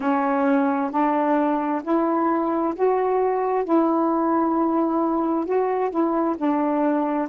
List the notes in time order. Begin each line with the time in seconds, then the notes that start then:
0.00 C#4
0.90 D4
1.83 E4
2.75 F#4
3.64 E4
5.45 F#4
5.90 E4
6.37 D4